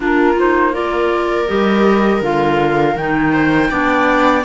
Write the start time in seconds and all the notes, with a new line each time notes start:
0.00 A#3 D4 F4 A#4
0.38 D#4 C5
0.72 F4 A#4 D5
1.47 G3 G4 D#5
2.21 D3 F4 F5
2.96 D#3 D#4 G5
3.32 C5
3.69 B3 D4 D5